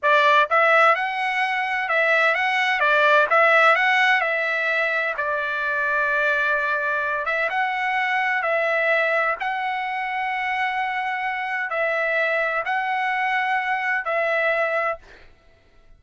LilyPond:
\new Staff \with { instrumentName = "trumpet" } { \time 4/4 \tempo 4 = 128 d''4 e''4 fis''2 | e''4 fis''4 d''4 e''4 | fis''4 e''2 d''4~ | d''2.~ d''8 e''8 |
fis''2 e''2 | fis''1~ | fis''4 e''2 fis''4~ | fis''2 e''2 | }